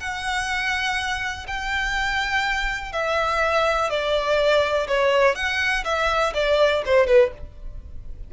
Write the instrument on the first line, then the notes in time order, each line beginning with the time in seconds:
violin
0.00 F#5
1.47 G5
2.92 E5
3.90 D5
4.87 C#5
5.35 F#5
5.84 E5
6.34 D5
6.85 C5
7.07 B4